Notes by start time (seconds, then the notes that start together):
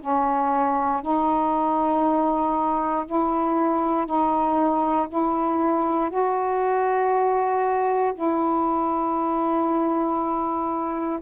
0.00 C#4
1.02 D#4
3.06 E4
4.05 D#4
5.08 E4
6.10 F#4
8.14 E4